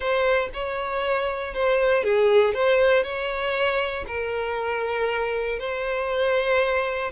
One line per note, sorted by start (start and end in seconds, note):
0.00 0.49 C5
0.53 1.54 C#5
1.54 2.03 C5
2.03 2.54 G#4
2.54 3.03 C5
3.03 4.04 C#5
4.07 5.59 A#4
5.59 7.11 C5